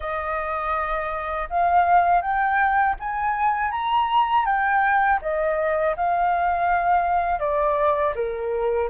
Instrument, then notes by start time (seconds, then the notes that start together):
flute
0.00 D#5
1.49 F5
2.21 G5
2.99 G#5
3.71 A#5
4.45 G5
5.21 D#5
5.96 F5
7.39 D5
8.15 A#4